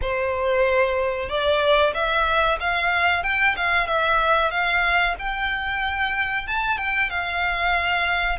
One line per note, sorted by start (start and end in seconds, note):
0.01 1.29 C5
1.29 1.93 D5
1.94 2.58 E5
2.60 3.23 F5
3.23 3.55 G5
3.56 3.86 F5
3.86 4.50 E5
4.50 5.15 F5
5.18 6.47 G5
6.47 6.77 A5
6.77 7.09 G5
7.09 8.38 F5